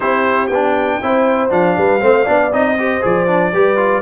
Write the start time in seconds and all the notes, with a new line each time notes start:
0.00 C4 E4 G4 C5
0.47 B3 G5
0.54 D4
1.01 C4 E4 C5
1.49 F3 D4 F5
1.77 G3 B4
2.00 A3 C4 C5
2.23 B3 D4 D5
2.52 C4 D#4 D#5
2.78 G4 C5
3.01 F3 G#4 D5
3.26 D4
3.53 G3 G4 B4
3.76 F4